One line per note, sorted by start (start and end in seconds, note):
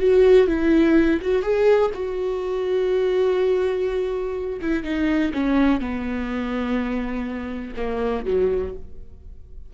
0.00 0.48 F#4
0.48 1.20 E4
1.21 1.43 F#4
1.43 1.91 G#4
1.94 4.60 F#4
4.62 4.84 E4
4.84 5.32 D#4
5.34 5.80 C#4
5.80 7.74 B3
7.77 8.25 A#3
8.25 8.74 F#3